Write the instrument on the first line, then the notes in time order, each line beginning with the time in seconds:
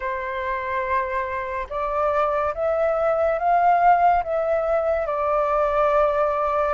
flute
0.00 C5
1.69 D5
2.54 E5
3.38 F5
4.23 E5
5.06 D5